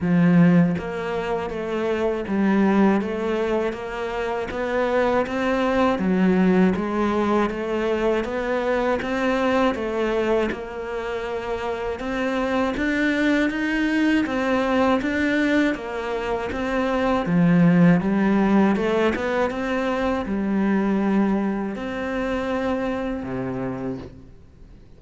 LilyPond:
\new Staff \with { instrumentName = "cello" } { \time 4/4 \tempo 4 = 80 f4 ais4 a4 g4 | a4 ais4 b4 c'4 | fis4 gis4 a4 b4 | c'4 a4 ais2 |
c'4 d'4 dis'4 c'4 | d'4 ais4 c'4 f4 | g4 a8 b8 c'4 g4~ | g4 c'2 c4 | }